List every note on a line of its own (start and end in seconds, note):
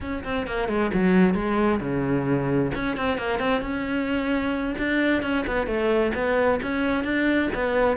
0.00 0.23 C#4
0.24 0.46 C4
0.46 0.68 A#3
0.68 0.90 G#3
0.93 1.34 F#3
1.34 1.80 G#3
1.80 2.71 C#3
2.74 2.96 C#4
2.96 3.17 C4
3.17 3.39 A#3
3.39 3.61 C4
3.61 4.75 C#4
4.77 5.22 D4
5.22 5.45 C#4
5.46 5.67 B3
5.67 6.12 A3
6.14 6.60 B3
6.62 7.04 C#4
7.04 7.49 D4
7.54 7.96 B3